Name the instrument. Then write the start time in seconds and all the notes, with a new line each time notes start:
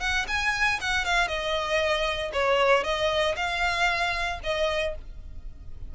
violin
0.00 F#5
0.28 G#5
0.81 F#5
1.05 F5
1.28 D#5
2.33 C#5
2.84 D#5
3.36 F5
4.43 D#5